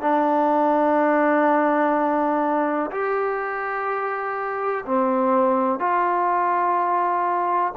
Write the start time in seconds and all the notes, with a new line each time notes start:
0.00 D4
2.91 G4
4.85 C4
5.79 F4